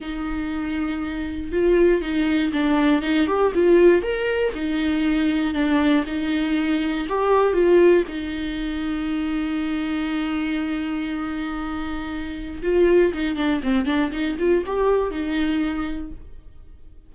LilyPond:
\new Staff \with { instrumentName = "viola" } { \time 4/4 \tempo 4 = 119 dis'2. f'4 | dis'4 d'4 dis'8 g'8 f'4 | ais'4 dis'2 d'4 | dis'2 g'4 f'4 |
dis'1~ | dis'1~ | dis'4 f'4 dis'8 d'8 c'8 d'8 | dis'8 f'8 g'4 dis'2 | }